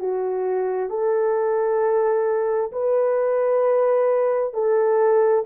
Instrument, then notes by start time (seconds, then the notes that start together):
horn
0.00 F#4
0.90 A4
2.72 B4
4.54 A4